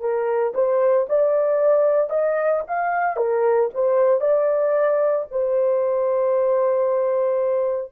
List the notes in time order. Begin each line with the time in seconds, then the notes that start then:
0.00 A#4
0.54 C5
1.09 D5
2.09 D#5
2.67 F5
3.16 A#4
3.74 C5
4.20 D5
5.31 C5